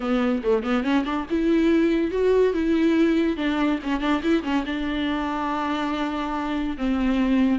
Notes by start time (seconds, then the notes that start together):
0.00 B3
0.43 A3
0.63 B3
0.83 C#4
1.05 D4
1.29 E4
2.11 F#4
2.53 E4
3.36 D4
3.83 C#4
4.00 D4
4.22 E4
4.43 C#4
4.66 D4
6.77 C4